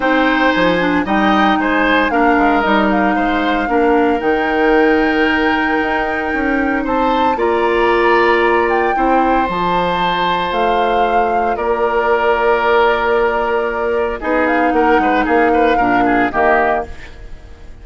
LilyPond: <<
  \new Staff \with { instrumentName = "flute" } { \time 4/4 \tempo 4 = 114 g''4 gis''4 g''4 gis''4 | f''4 dis''8 f''2~ f''8 | g''1~ | g''4 a''4 ais''2~ |
ais''8 g''4. a''2 | f''2 d''2~ | d''2. dis''8 f''8 | fis''4 f''2 dis''4 | }
  \new Staff \with { instrumentName = "oboe" } { \time 4/4 c''2 dis''4 c''4 | ais'2 c''4 ais'4~ | ais'1~ | ais'4 c''4 d''2~ |
d''4 c''2.~ | c''2 ais'2~ | ais'2. gis'4 | ais'8 b'8 gis'8 b'8 ais'8 gis'8 g'4 | }
  \new Staff \with { instrumentName = "clarinet" } { \time 4/4 dis'4. d'8 dis'2 | d'4 dis'2 d'4 | dis'1~ | dis'2 f'2~ |
f'4 e'4 f'2~ | f'1~ | f'2. dis'4~ | dis'2 d'4 ais4 | }
  \new Staff \with { instrumentName = "bassoon" } { \time 4/4 c'4 f4 g4 gis4 | ais8 gis8 g4 gis4 ais4 | dis2. dis'4 | cis'4 c'4 ais2~ |
ais4 c'4 f2 | a2 ais2~ | ais2. b4 | ais8 gis8 ais4 ais,4 dis4 | }
>>